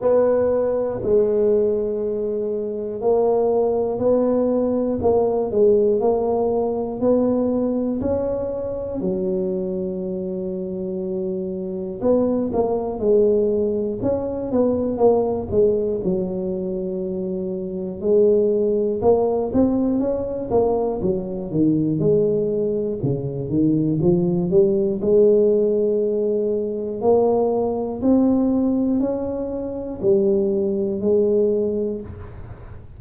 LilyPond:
\new Staff \with { instrumentName = "tuba" } { \time 4/4 \tempo 4 = 60 b4 gis2 ais4 | b4 ais8 gis8 ais4 b4 | cis'4 fis2. | b8 ais8 gis4 cis'8 b8 ais8 gis8 |
fis2 gis4 ais8 c'8 | cis'8 ais8 fis8 dis8 gis4 cis8 dis8 | f8 g8 gis2 ais4 | c'4 cis'4 g4 gis4 | }